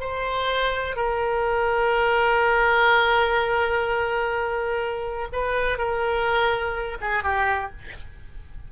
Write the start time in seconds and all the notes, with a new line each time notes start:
0.00 C5
0.96 A#4
5.32 B4
5.78 A#4
7.01 G#4
7.23 G4